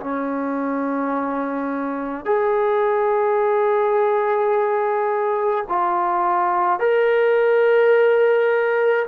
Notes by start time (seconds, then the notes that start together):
0.00 C#4
2.25 G#4
5.69 F4
6.80 A#4